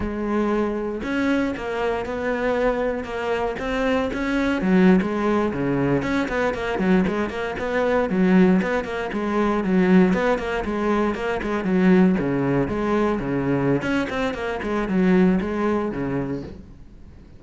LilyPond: \new Staff \with { instrumentName = "cello" } { \time 4/4 \tempo 4 = 117 gis2 cis'4 ais4 | b2 ais4 c'4 | cis'4 fis8. gis4 cis4 cis'16~ | cis'16 b8 ais8 fis8 gis8 ais8 b4 fis16~ |
fis8. b8 ais8 gis4 fis4 b16~ | b16 ais8 gis4 ais8 gis8 fis4 cis16~ | cis8. gis4 cis4~ cis16 cis'8 c'8 | ais8 gis8 fis4 gis4 cis4 | }